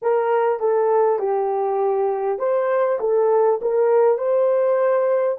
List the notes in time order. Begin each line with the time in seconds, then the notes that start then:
0.02 A#4
0.59 A4
1.18 G4
2.38 C5
3.00 A4
3.61 A#4
4.17 C5